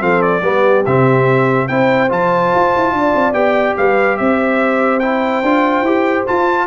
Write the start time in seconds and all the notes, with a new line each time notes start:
0.00 F3 C4 A4 F5
0.22 D5
0.42 G3 B3 G4
0.85 C3 C4 E5
1.68 C4 E4 C5 G5
2.09 F3 F4 A5
2.55 F4
2.76 E4
2.93 D4 D5
3.15 C4
3.33 B3 G4 G5
3.77 G3 B4 F5
4.17 C4 C5 E5
5.00 E4 G5
5.43 D4 F4
5.82 E4 G4
6.27 F4 A5